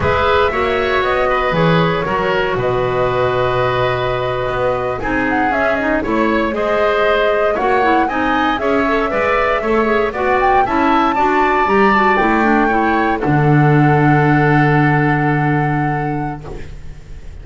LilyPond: <<
  \new Staff \with { instrumentName = "flute" } { \time 4/4 \tempo 4 = 117 e''2 dis''4 cis''4~ | cis''4 dis''2.~ | dis''4.~ dis''16 gis''8 fis''8 e''8 dis''8 cis''16~ | cis''8. dis''2 fis''4 gis''16~ |
gis''8. e''2. fis''16~ | fis''16 g''8 a''2 ais''8 a''8 g''16~ | g''4.~ g''16 fis''2~ fis''16~ | fis''1 | }
  \new Staff \with { instrumentName = "oboe" } { \time 4/4 b'4 cis''4. b'4. | ais'4 b'2.~ | b'4.~ b'16 gis'2 cis''16~ | cis''8. c''2 cis''4 dis''16~ |
dis''8. cis''4 d''4 cis''4 d''16~ | d''8. e''4 d''2~ d''16~ | d''8. cis''4 a'2~ a'16~ | a'1 | }
  \new Staff \with { instrumentName = "clarinet" } { \time 4/4 gis'4 fis'2 gis'4 | fis'1~ | fis'4.~ fis'16 dis'4 cis'8 dis'8 e'16~ | e'8. gis'2 fis'8 e'8 dis'16~ |
dis'8. gis'8 a'8 b'4 a'8 gis'8 fis'16~ | fis'8. e'4 fis'4 g'8 fis'8 e'16~ | e'16 d'8 e'4 d'2~ d'16~ | d'1 | }
  \new Staff \with { instrumentName = "double bass" } { \time 4/4 gis4 ais4 b4 e4 | fis4 b,2.~ | b,8. b4 c'4 cis'4 a16~ | a8. gis2 ais4 c'16~ |
c'8. cis'4 gis4 a4 b16~ | b8. cis'4 d'4 g4 a16~ | a4.~ a16 d2~ d16~ | d1 | }
>>